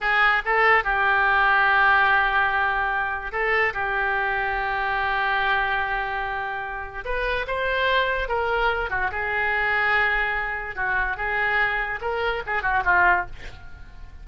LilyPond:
\new Staff \with { instrumentName = "oboe" } { \time 4/4 \tempo 4 = 145 gis'4 a'4 g'2~ | g'1 | a'4 g'2.~ | g'1~ |
g'4 b'4 c''2 | ais'4. fis'8 gis'2~ | gis'2 fis'4 gis'4~ | gis'4 ais'4 gis'8 fis'8 f'4 | }